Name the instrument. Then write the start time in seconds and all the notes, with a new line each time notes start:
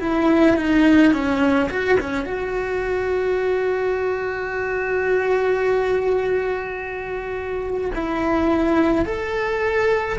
cello
0.00 E4
0.57 D#4
1.13 C#4
1.70 F#4
2.00 C#4
2.25 F#4
7.95 E4
9.05 A4